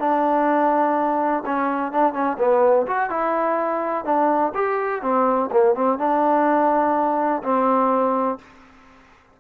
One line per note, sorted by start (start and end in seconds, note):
0.00 1.44 D4
1.46 1.93 C#4
1.93 2.14 D4
2.14 2.38 C#4
2.39 2.87 B3
2.87 3.10 F#4
3.10 4.05 E4
4.05 4.53 D4
4.55 5.03 G4
5.03 5.51 C4
5.52 5.75 A#3
5.75 5.99 C4
5.99 7.43 D4
7.43 8.39 C4